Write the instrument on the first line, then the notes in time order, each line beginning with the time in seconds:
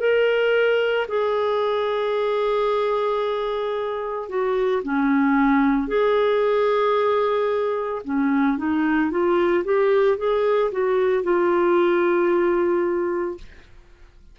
clarinet
0.00 A#4
1.08 G#4
4.29 F#4
4.84 C#4
5.88 G#4
8.05 C#4
8.58 D#4
9.11 F4
9.65 G4
10.18 G#4
10.72 F#4
11.24 F4